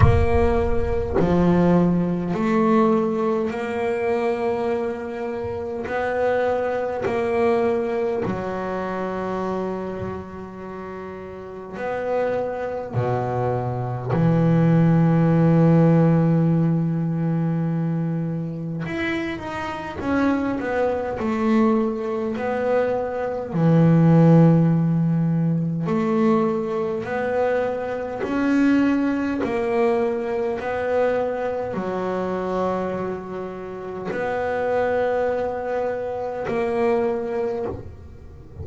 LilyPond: \new Staff \with { instrumentName = "double bass" } { \time 4/4 \tempo 4 = 51 ais4 f4 a4 ais4~ | ais4 b4 ais4 fis4~ | fis2 b4 b,4 | e1 |
e'8 dis'8 cis'8 b8 a4 b4 | e2 a4 b4 | cis'4 ais4 b4 fis4~ | fis4 b2 ais4 | }